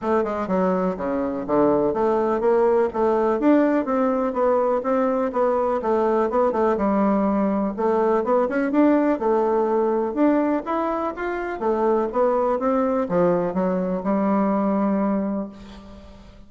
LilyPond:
\new Staff \with { instrumentName = "bassoon" } { \time 4/4 \tempo 4 = 124 a8 gis8 fis4 cis4 d4 | a4 ais4 a4 d'4 | c'4 b4 c'4 b4 | a4 b8 a8 g2 |
a4 b8 cis'8 d'4 a4~ | a4 d'4 e'4 f'4 | a4 b4 c'4 f4 | fis4 g2. | }